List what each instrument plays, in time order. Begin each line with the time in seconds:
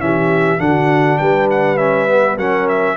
0.00 tuba E3, trombone C#4, horn G4, trumpet E5
0.59 tuba D3, trombone D4, horn F#4, trumpet F#5
1.19 tuba G3, horn B4, trumpet G5
1.51 trumpet F#5
1.78 trombone C#4, trumpet E5
2.09 trombone B3
2.37 tuba F#3, trombone C#4, horn A#4, trumpet F#5
2.69 trumpet E5